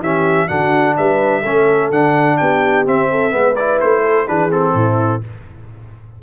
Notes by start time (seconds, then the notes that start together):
0.00 E3 C#4 G4 E5
0.48 D3 D4 F#4 F#5
0.97 G3 B4 E5
1.42 A3 C#4 A4
1.90 D3 D4 F#5
2.37 B3 G4 G5
2.85 C4 E5
3.11 A4
3.30 G#3 B3 B4
3.56 E4 D5
3.81 A3 C5
4.02 A4
4.27 E3 D4 G#4 B4
4.50 C4 A4
4.74 A2 E4